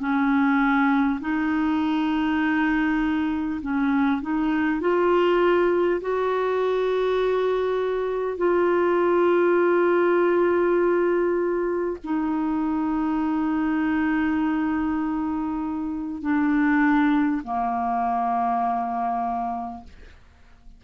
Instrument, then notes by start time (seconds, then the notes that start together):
clarinet
0.00 C#4
1.21 D#4
3.62 C#4
4.22 D#4
4.81 F4
6.01 F#4
8.38 F4
12.04 D#4
16.22 D4
17.44 A#3